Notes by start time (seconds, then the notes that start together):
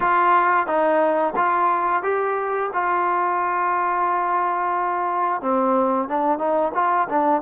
0.00 F4
0.66 D#4
1.35 F4
2.03 G4
2.73 F4
5.41 C4
6.08 D4
6.38 D#4
6.74 F4
7.09 D4